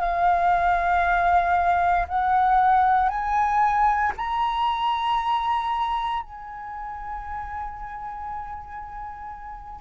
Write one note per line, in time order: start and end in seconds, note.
0.00 2.07 F5
2.08 3.09 F#5
3.09 4.13 G#5
4.17 6.23 A#5
6.23 9.81 G#5